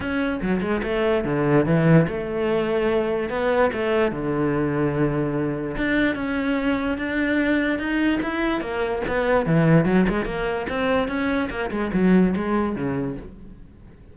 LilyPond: \new Staff \with { instrumentName = "cello" } { \time 4/4 \tempo 4 = 146 cis'4 fis8 gis8 a4 d4 | e4 a2. | b4 a4 d2~ | d2 d'4 cis'4~ |
cis'4 d'2 dis'4 | e'4 ais4 b4 e4 | fis8 gis8 ais4 c'4 cis'4 | ais8 gis8 fis4 gis4 cis4 | }